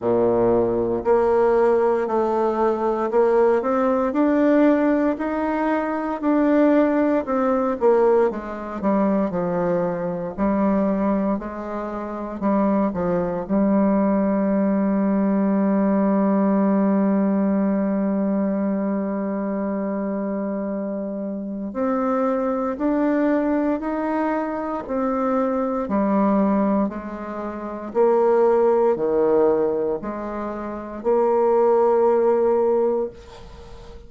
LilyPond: \new Staff \with { instrumentName = "bassoon" } { \time 4/4 \tempo 4 = 58 ais,4 ais4 a4 ais8 c'8 | d'4 dis'4 d'4 c'8 ais8 | gis8 g8 f4 g4 gis4 | g8 f8 g2.~ |
g1~ | g4 c'4 d'4 dis'4 | c'4 g4 gis4 ais4 | dis4 gis4 ais2 | }